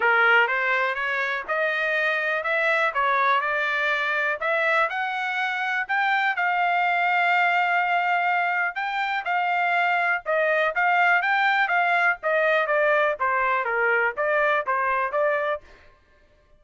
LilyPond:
\new Staff \with { instrumentName = "trumpet" } { \time 4/4 \tempo 4 = 123 ais'4 c''4 cis''4 dis''4~ | dis''4 e''4 cis''4 d''4~ | d''4 e''4 fis''2 | g''4 f''2.~ |
f''2 g''4 f''4~ | f''4 dis''4 f''4 g''4 | f''4 dis''4 d''4 c''4 | ais'4 d''4 c''4 d''4 | }